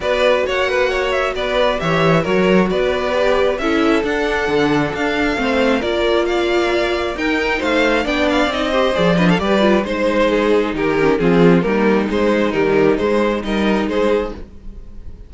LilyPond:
<<
  \new Staff \with { instrumentName = "violin" } { \time 4/4 \tempo 4 = 134 d''4 fis''4. e''8 d''4 | e''4 cis''4 d''2 | e''4 fis''2 f''4~ | f''4 d''4 f''2 |
g''4 f''4 g''8 f''8 dis''4 | d''8 dis''16 f''16 d''4 c''2 | ais'4 gis'4 ais'4 c''4 | ais'4 c''4 dis''4 c''4 | }
  \new Staff \with { instrumentName = "violin" } { \time 4/4 b'4 cis''8 b'8 cis''4 b'4 | cis''4 ais'4 b'2 | a'1 | c''4 ais'4 d''2 |
ais'4 c''4 d''4. c''8~ | c''8 b'16 a'16 b'4 c''4 gis'4 | g'4 f'4 dis'2~ | dis'2 ais'4 gis'4 | }
  \new Staff \with { instrumentName = "viola" } { \time 4/4 fis'1 | g'4 fis'2 g'4 | e'4 d'2. | c'4 f'2. |
dis'2 d'4 dis'8 g'8 | gis'8 d'8 g'8 f'8 dis'2~ | dis'8 cis'8 c'4 ais4 gis4 | g4 gis4 dis'2 | }
  \new Staff \with { instrumentName = "cello" } { \time 4/4 b4 ais2 b4 | e4 fis4 b2 | cis'4 d'4 d4 d'4 | a4 ais2. |
dis'4 a4 b4 c'4 | f4 g4 gis2 | dis4 f4 g4 gis4 | dis4 gis4 g4 gis4 | }
>>